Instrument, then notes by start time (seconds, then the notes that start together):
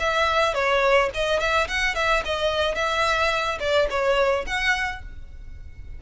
violin
0.00 E5
0.54 C#5
1.14 D#5
1.40 E5
1.68 F#5
1.95 E5
2.25 D#5
2.75 E5
3.60 D5
3.90 C#5
4.46 F#5